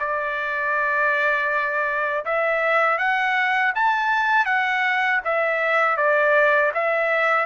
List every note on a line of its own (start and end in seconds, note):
0.00 2.25 D5
2.25 2.98 E5
2.98 3.73 F#5
3.75 4.46 A5
4.46 5.21 F#5
5.25 5.97 E5
5.97 6.72 D5
6.74 7.46 E5